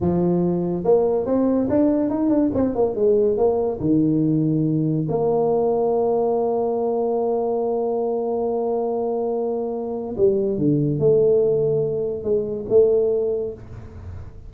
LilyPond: \new Staff \with { instrumentName = "tuba" } { \time 4/4 \tempo 4 = 142 f2 ais4 c'4 | d'4 dis'8 d'8 c'8 ais8 gis4 | ais4 dis2. | ais1~ |
ais1~ | ais1 | g4 d4 a2~ | a4 gis4 a2 | }